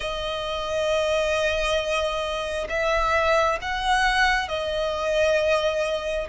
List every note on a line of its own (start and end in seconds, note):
0.00 2.67 D#5
2.69 3.58 E5
3.61 4.48 F#5
4.48 6.27 D#5